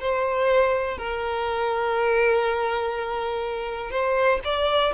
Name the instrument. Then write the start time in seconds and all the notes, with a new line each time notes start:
violin
0.00 C5
0.98 A#4
3.91 C5
4.45 D5